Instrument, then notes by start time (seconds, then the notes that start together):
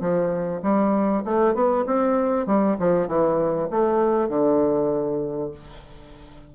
bassoon
0.00 F3
0.62 G3
1.25 A3
1.54 B3
1.86 C4
2.46 G3
2.79 F3
3.07 E3
3.70 A3
4.28 D3